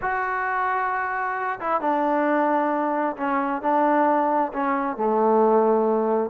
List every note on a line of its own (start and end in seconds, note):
0.01 1.59 F#4
1.60 1.80 E4
1.80 3.16 D4
3.17 3.62 C#4
3.62 4.52 D4
4.52 4.96 C#4
4.96 6.30 A3